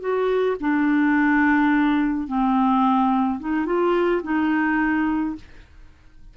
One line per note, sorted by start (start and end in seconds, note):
0.00 0.56 F#4
0.60 2.27 D4
2.27 3.39 C4
3.39 3.66 D#4
3.66 4.22 F4
4.23 5.35 D#4